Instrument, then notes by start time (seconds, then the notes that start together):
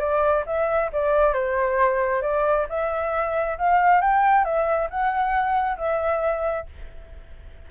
flute
0.00 D5
0.46 E5
0.93 D5
1.34 C5
2.22 D5
2.69 E5
3.59 F5
4.01 G5
4.45 E5
4.91 F#5
5.78 E5